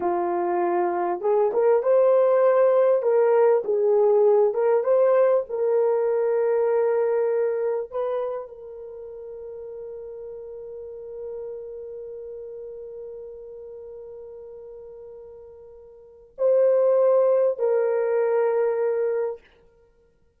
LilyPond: \new Staff \with { instrumentName = "horn" } { \time 4/4 \tempo 4 = 99 f'2 gis'8 ais'8 c''4~ | c''4 ais'4 gis'4. ais'8 | c''4 ais'2.~ | ais'4 b'4 ais'2~ |
ais'1~ | ais'1~ | ais'2. c''4~ | c''4 ais'2. | }